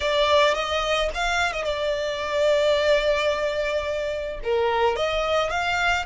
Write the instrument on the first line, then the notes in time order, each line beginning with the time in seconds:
violin
0.00 D5
0.54 D#5
1.14 F5
1.52 D#5
1.64 D5
4.43 A#4
4.96 D#5
5.50 F5